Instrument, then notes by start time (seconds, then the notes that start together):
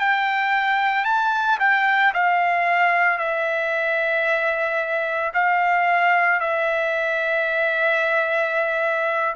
trumpet
0.00 G5
1.05 A5
1.60 G5
2.14 F5
3.19 E5
5.34 F5
6.41 E5